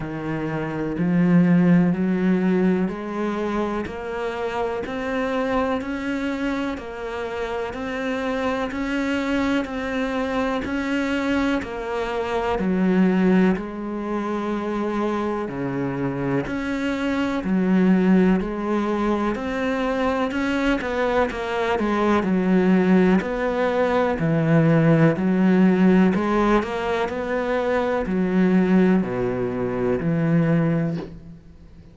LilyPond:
\new Staff \with { instrumentName = "cello" } { \time 4/4 \tempo 4 = 62 dis4 f4 fis4 gis4 | ais4 c'4 cis'4 ais4 | c'4 cis'4 c'4 cis'4 | ais4 fis4 gis2 |
cis4 cis'4 fis4 gis4 | c'4 cis'8 b8 ais8 gis8 fis4 | b4 e4 fis4 gis8 ais8 | b4 fis4 b,4 e4 | }